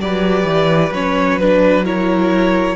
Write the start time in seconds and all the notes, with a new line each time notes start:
0.00 F#3 G4 B4 D5
0.44 E3
0.91 F#3 C#4 C#5
1.39 D4 B4
1.84 E4 A#4 C#5